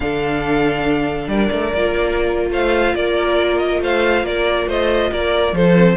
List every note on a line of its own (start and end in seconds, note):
0.00 1.27 D3
0.00 1.74 D4
0.00 1.30 A4
0.00 1.28 F5
1.27 1.49 G3
1.27 2.50 A#4
1.27 2.47 D5
1.51 1.73 A3
1.73 2.50 A#3
1.73 5.75 F4
2.50 2.93 A3
2.50 2.94 C5
2.50 2.95 F5
2.94 3.79 A#3
2.94 3.82 A#4
2.94 3.58 D5
3.58 3.80 D#5
3.79 4.22 A3
3.79 4.25 C5
3.79 4.25 F5
4.22 4.65 A#3
4.22 4.67 A#4
4.22 4.69 D5
4.67 5.10 A3
4.67 5.11 C5
4.67 5.13 D#5
5.11 5.52 A#3
5.11 5.54 A#4
5.11 5.55 D5
5.52 5.95 F3
5.52 5.96 A4
5.52 5.96 C5
5.75 5.96 C4